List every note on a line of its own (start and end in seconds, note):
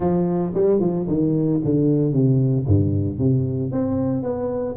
0.00 0.53 F3
0.54 0.80 G3
0.80 1.06 F3
1.07 1.60 D#3
1.64 2.12 D3
2.12 2.65 C3
2.67 3.18 G2
3.18 3.71 C3
3.71 4.22 C4
4.22 4.75 B3